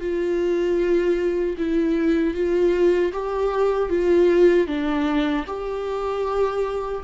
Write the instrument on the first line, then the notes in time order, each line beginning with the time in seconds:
viola
0.00 F4
1.57 E4
2.34 F4
3.12 G4
3.89 F4
4.66 D4
5.47 G4